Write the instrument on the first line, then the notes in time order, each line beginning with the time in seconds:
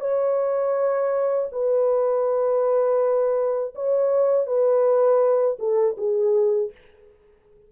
horn
0.00 C#5
1.52 B4
3.75 C#5
4.46 B4
5.59 A4
5.97 G#4